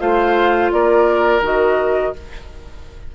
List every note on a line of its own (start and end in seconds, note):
0.00 0.71 A3
0.00 1.41 F4
0.00 0.71 C5
0.00 0.71 F5
0.71 1.41 A#3
0.71 2.15 A#4
0.71 1.42 D5
1.41 2.12 D#3
1.41 2.13 F#4
1.41 2.15 D#5